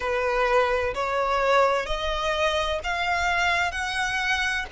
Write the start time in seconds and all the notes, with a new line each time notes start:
0.00 B4
0.94 C#5
1.85 D#5
2.83 F5
3.71 F#5